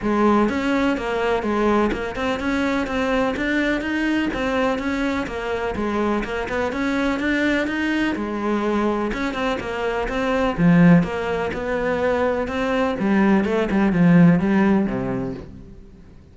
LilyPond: \new Staff \with { instrumentName = "cello" } { \time 4/4 \tempo 4 = 125 gis4 cis'4 ais4 gis4 | ais8 c'8 cis'4 c'4 d'4 | dis'4 c'4 cis'4 ais4 | gis4 ais8 b8 cis'4 d'4 |
dis'4 gis2 cis'8 c'8 | ais4 c'4 f4 ais4 | b2 c'4 g4 | a8 g8 f4 g4 c4 | }